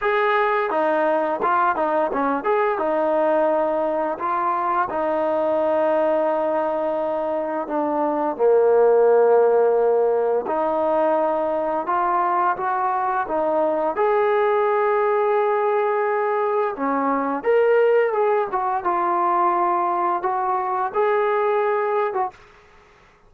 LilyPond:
\new Staff \with { instrumentName = "trombone" } { \time 4/4 \tempo 4 = 86 gis'4 dis'4 f'8 dis'8 cis'8 gis'8 | dis'2 f'4 dis'4~ | dis'2. d'4 | ais2. dis'4~ |
dis'4 f'4 fis'4 dis'4 | gis'1 | cis'4 ais'4 gis'8 fis'8 f'4~ | f'4 fis'4 gis'4.~ gis'16 fis'16 | }